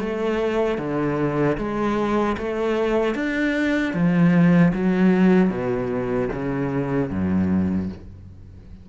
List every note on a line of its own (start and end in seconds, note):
0.00 0.79 A3
0.79 1.58 D3
1.58 2.37 G#3
2.38 3.15 A3
3.15 3.94 D4
3.94 4.73 F3
4.74 5.50 F#3
5.50 6.29 B2
6.33 7.11 C#3
7.11 7.89 F#2